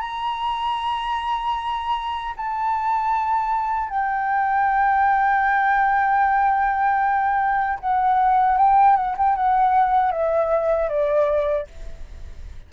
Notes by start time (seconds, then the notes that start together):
0.00 A#5
2.36 A5
3.90 G5
7.80 F#5
8.57 G5
8.96 F#5
9.17 G5
9.36 F#5
10.12 E5
10.89 D5